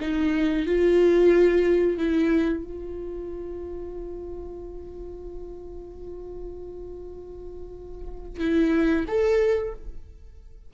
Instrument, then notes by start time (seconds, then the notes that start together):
viola
0.00 D#4
0.66 F4
1.97 E4
2.63 F4
8.39 E4
9.07 A4